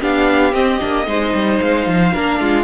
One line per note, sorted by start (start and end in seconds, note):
0.00 0.53 B3
0.00 0.51 D4
0.00 1.06 G4
0.00 0.53 F5
0.51 0.78 C4
0.51 0.80 C4
0.51 1.60 D#5
0.79 1.06 A#3
0.79 1.05 D4
1.06 1.33 G#3
1.06 2.12 D#4
1.06 2.13 C5
1.33 1.60 G3
1.61 1.86 G#3
1.61 2.63 F5
1.86 2.13 F3
2.13 2.40 A#3
2.13 2.63 D4
2.13 2.39 A#4
2.40 2.63 G#3
2.40 2.63 F4